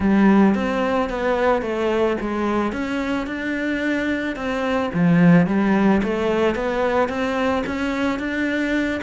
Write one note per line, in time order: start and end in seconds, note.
0.00 0.55 G3
0.55 1.09 C4
1.09 1.62 B3
1.62 2.16 A3
2.20 2.72 G#3
2.72 3.27 C#4
3.27 4.35 D4
4.35 4.90 C4
4.93 5.47 F3
5.47 6.01 G3
6.03 6.55 A3
6.55 7.08 B3
7.08 7.63 C4
7.66 8.19 C#4
8.19 9.00 D4